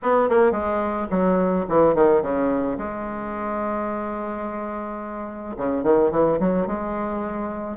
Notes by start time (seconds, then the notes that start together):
0.02 B3
0.29 A#3
0.51 G#3
1.10 F#3
1.68 E3
1.94 D#3
2.22 C#3
2.78 G#3
5.57 C#3
5.83 D#3
6.11 E3
6.39 F#3
6.67 G#3